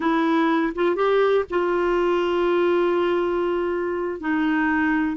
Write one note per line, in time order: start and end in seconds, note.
0.00 0.73 E4
0.75 0.95 F4
0.95 1.44 G4
1.50 4.20 F4
4.20 5.16 D#4